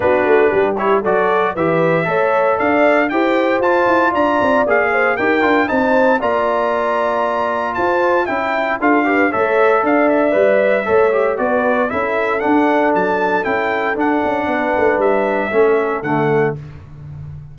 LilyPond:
<<
  \new Staff \with { instrumentName = "trumpet" } { \time 4/4 \tempo 4 = 116 b'4. cis''8 d''4 e''4~ | e''4 f''4 g''4 a''4 | ais''4 f''4 g''4 a''4 | ais''2. a''4 |
g''4 f''4 e''4 f''8 e''8~ | e''2 d''4 e''4 | fis''4 a''4 g''4 fis''4~ | fis''4 e''2 fis''4 | }
  \new Staff \with { instrumentName = "horn" } { \time 4/4 fis'4 g'4 a'4 b'4 | cis''4 d''4 c''2 | d''4. c''8 ais'4 c''4 | d''2. c''4 |
e''4 a'8 b'8 cis''4 d''4~ | d''4 cis''4 b'4 a'4~ | a'1 | b'2 a'2 | }
  \new Staff \with { instrumentName = "trombone" } { \time 4/4 d'4. e'8 fis'4 g'4 | a'2 g'4 f'4~ | f'4 gis'4 g'8 f'8 dis'4 | f'1 |
e'4 f'8 g'8 a'2 | b'4 a'8 g'8 fis'4 e'4 | d'2 e'4 d'4~ | d'2 cis'4 a4 | }
  \new Staff \with { instrumentName = "tuba" } { \time 4/4 b8 a8 g4 fis4 e4 | a4 d'4 e'4 f'8 e'8 | d'8 c'8 ais4 dis'8 d'8 c'4 | ais2. f'4 |
cis'4 d'4 a4 d'4 | g4 a4 b4 cis'4 | d'4 fis4 cis'4 d'8 cis'8 | b8 a8 g4 a4 d4 | }
>>